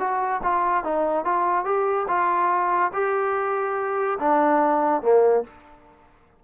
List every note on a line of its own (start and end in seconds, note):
0.00 0.42 F#4
0.44 0.84 F4
0.84 1.25 D#4
1.25 1.65 F4
1.65 2.07 G4
2.09 2.92 F4
2.94 4.19 G4
4.20 5.02 D4
5.02 5.44 A#3